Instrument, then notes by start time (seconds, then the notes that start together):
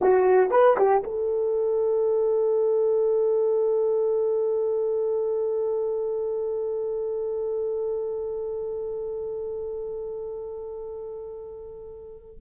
horn
0.01 F#4
0.51 B4
0.77 G4
1.03 A4